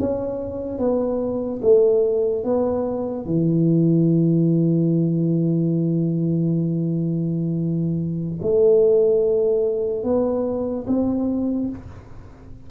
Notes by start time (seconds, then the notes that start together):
0.00 C#4
0.79 B3
1.62 A3
2.44 B3
3.26 E3
8.42 A3
10.04 B3
10.88 C4